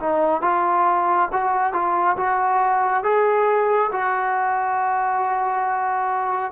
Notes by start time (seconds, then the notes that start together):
0.00 D#4
0.42 F4
1.33 F#4
1.74 F4
2.17 F#4
3.04 G#4
3.92 F#4